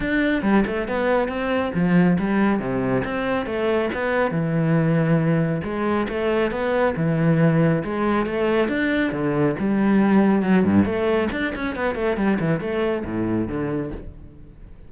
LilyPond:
\new Staff \with { instrumentName = "cello" } { \time 4/4 \tempo 4 = 138 d'4 g8 a8 b4 c'4 | f4 g4 c4 c'4 | a4 b4 e2~ | e4 gis4 a4 b4 |
e2 gis4 a4 | d'4 d4 g2 | fis8 g,8 a4 d'8 cis'8 b8 a8 | g8 e8 a4 a,4 d4 | }